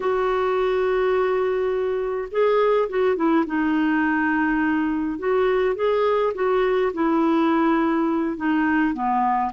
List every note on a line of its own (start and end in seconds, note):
0.00 2.28 F#4
2.31 2.88 G#4
2.89 3.15 F#4
3.15 3.44 E4
3.46 5.18 D#4
5.18 5.75 F#4
5.75 6.33 G#4
6.34 6.92 F#4
6.93 8.37 E4
8.37 8.93 D#4
8.93 9.51 B3